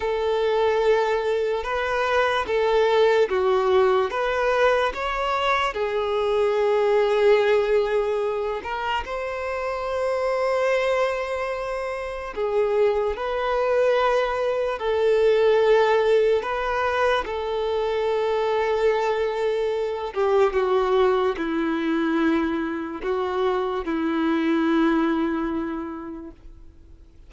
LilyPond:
\new Staff \with { instrumentName = "violin" } { \time 4/4 \tempo 4 = 73 a'2 b'4 a'4 | fis'4 b'4 cis''4 gis'4~ | gis'2~ gis'8 ais'8 c''4~ | c''2. gis'4 |
b'2 a'2 | b'4 a'2.~ | a'8 g'8 fis'4 e'2 | fis'4 e'2. | }